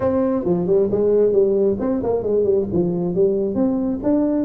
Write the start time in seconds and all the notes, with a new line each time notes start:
0.00 C4
0.45 F3
0.66 G3
0.91 G#3
1.32 G3
1.79 C4
2.03 A#3
2.23 G#3
2.44 G3
2.72 F3
3.14 G3
3.55 C4
4.03 D4